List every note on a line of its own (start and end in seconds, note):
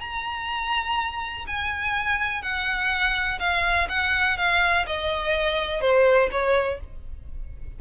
0.00 1.45 A#5
1.47 2.42 G#5
2.42 3.39 F#5
3.39 3.88 F5
3.89 4.37 F#5
4.37 4.85 F5
4.86 5.81 D#5
5.81 6.29 C5
6.31 6.80 C#5